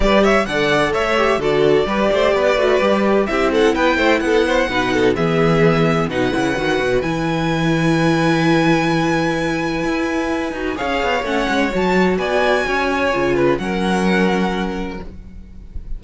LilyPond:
<<
  \new Staff \with { instrumentName = "violin" } { \time 4/4 \tempo 4 = 128 d''8 e''8 fis''4 e''4 d''4~ | d''2. e''8 fis''8 | g''4 fis''2 e''4~ | e''4 fis''2 gis''4~ |
gis''1~ | gis''2. f''4 | fis''4 a''4 gis''2~ | gis''4 fis''2. | }
  \new Staff \with { instrumentName = "violin" } { \time 4/4 b'8 cis''8 d''4 cis''4 a'4 | b'8 c''8 b'2 g'8 a'8 | b'8 c''8 a'8 c''8 b'8 a'8 gis'4~ | gis'4 b'2.~ |
b'1~ | b'2. cis''4~ | cis''2 d''4 cis''4~ | cis''8 b'8 ais'2. | }
  \new Staff \with { instrumentName = "viola" } { \time 4/4 g'4 a'4. g'8 fis'4 | g'4. fis'8 g'4 e'4~ | e'2 dis'4 b4~ | b4 dis'8 e'8 fis'4 e'4~ |
e'1~ | e'2~ e'8 fis'8 gis'4 | cis'4 fis'2. | f'4 cis'2. | }
  \new Staff \with { instrumentName = "cello" } { \time 4/4 g4 d4 a4 d4 | g8 a8 b8 a8 g4 c'4 | b8 a8 b4 b,4 e4~ | e4 b,8 cis8 dis8 b,8 e4~ |
e1~ | e4 e'4. dis'8 cis'8 b8 | a8 gis8 fis4 b4 cis'4 | cis4 fis2. | }
>>